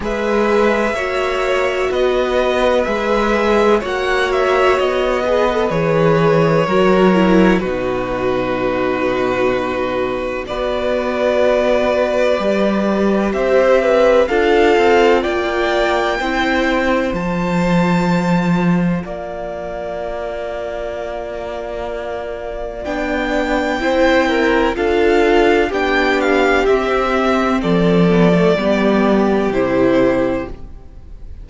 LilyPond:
<<
  \new Staff \with { instrumentName = "violin" } { \time 4/4 \tempo 4 = 63 e''2 dis''4 e''4 | fis''8 e''8 dis''4 cis''2 | b'2. d''4~ | d''2 e''4 f''4 |
g''2 a''2 | f''1 | g''2 f''4 g''8 f''8 | e''4 d''2 c''4 | }
  \new Staff \with { instrumentName = "violin" } { \time 4/4 b'4 cis''4 b'2 | cis''4. b'4. ais'4 | fis'2. b'4~ | b'2 c''8 b'8 a'4 |
d''4 c''2. | d''1~ | d''4 c''8 ais'8 a'4 g'4~ | g'4 a'4 g'2 | }
  \new Staff \with { instrumentName = "viola" } { \time 4/4 gis'4 fis'2 gis'4 | fis'4. gis'16 a'16 gis'4 fis'8 e'8 | dis'2. fis'4~ | fis'4 g'2 f'4~ |
f'4 e'4 f'2~ | f'1 | d'4 e'4 f'4 d'4 | c'4. b16 a16 b4 e'4 | }
  \new Staff \with { instrumentName = "cello" } { \time 4/4 gis4 ais4 b4 gis4 | ais4 b4 e4 fis4 | b,2. b4~ | b4 g4 c'4 d'8 c'8 |
ais4 c'4 f2 | ais1 | b4 c'4 d'4 b4 | c'4 f4 g4 c4 | }
>>